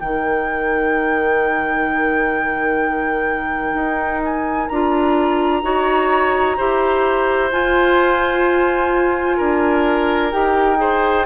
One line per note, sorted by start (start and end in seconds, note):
0.00 3.74 D#3
0.00 4.71 D#4
0.00 5.65 A#4
0.00 4.22 G5
3.74 4.68 D#4
4.25 4.68 G#5
4.68 5.63 D4
4.68 5.63 F4
4.68 7.49 A#5
5.63 6.57 D#4
5.63 6.56 F#4
5.63 6.57 C#5
6.57 7.53 E4
6.57 7.52 G4
6.57 9.37 C5
7.52 10.32 F4
7.52 9.40 F4
7.52 10.33 G#5
9.37 10.34 D4
9.37 10.78 A#4
10.32 11.26 D#4
10.32 10.77 G4
10.32 11.26 G5
10.77 11.24 G#4
10.77 11.26 C5